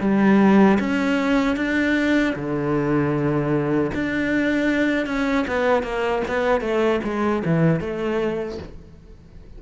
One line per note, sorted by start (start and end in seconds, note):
0.00 0.78 G3
0.79 1.56 C#4
1.56 2.34 D4
2.35 3.91 D3
3.94 5.06 D4
5.06 5.45 C#4
5.47 5.83 B3
5.83 6.22 A#3
6.27 6.61 B3
6.61 7.00 A3
7.03 7.42 G#3
7.45 7.80 E3
7.80 8.58 A3